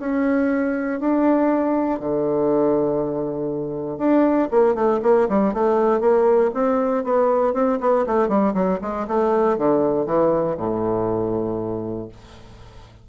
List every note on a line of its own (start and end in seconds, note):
0.00 1.00 C#4
1.00 2.00 D4
2.00 3.98 D3
3.98 4.49 D4
4.51 4.75 A#3
4.75 5.01 A3
5.03 5.28 A#3
5.29 5.54 G3
5.54 6.01 A3
6.01 6.51 A#3
6.55 7.05 C4
7.05 7.54 B3
7.54 7.79 C4
7.81 8.06 B3
8.07 8.29 A3
8.29 8.54 G3
8.55 8.80 F#3
8.82 9.07 G#3
9.08 9.58 A3
9.58 10.06 D3
10.06 10.57 E3
10.57 12.09 A2